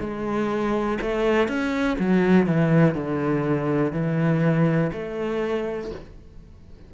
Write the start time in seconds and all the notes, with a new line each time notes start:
0.00 G#3
1.01 A3
1.48 C#4
1.99 F#3
2.47 E3
2.95 D3
3.93 E3
4.93 A3